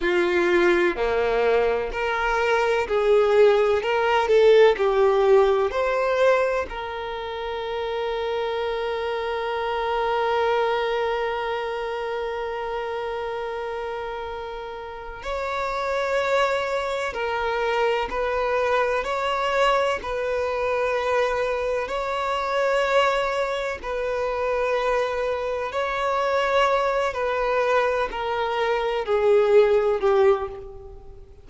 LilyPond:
\new Staff \with { instrumentName = "violin" } { \time 4/4 \tempo 4 = 63 f'4 ais4 ais'4 gis'4 | ais'8 a'8 g'4 c''4 ais'4~ | ais'1~ | ais'1 |
cis''2 ais'4 b'4 | cis''4 b'2 cis''4~ | cis''4 b'2 cis''4~ | cis''8 b'4 ais'4 gis'4 g'8 | }